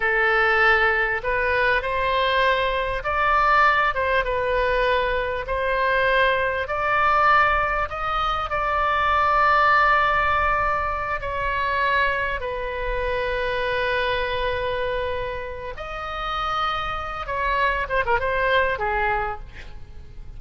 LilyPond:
\new Staff \with { instrumentName = "oboe" } { \time 4/4 \tempo 4 = 99 a'2 b'4 c''4~ | c''4 d''4. c''8 b'4~ | b'4 c''2 d''4~ | d''4 dis''4 d''2~ |
d''2~ d''8 cis''4.~ | cis''8 b'2.~ b'8~ | b'2 dis''2~ | dis''8 cis''4 c''16 ais'16 c''4 gis'4 | }